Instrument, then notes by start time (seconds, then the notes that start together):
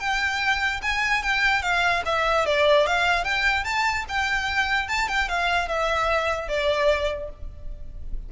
violin
0.00 G5
0.82 G#5
1.23 G5
1.62 F5
2.06 E5
2.46 D5
2.87 F5
3.25 G5
3.65 A5
4.09 G5
4.89 A5
5.09 G5
5.29 F5
5.68 E5
6.49 D5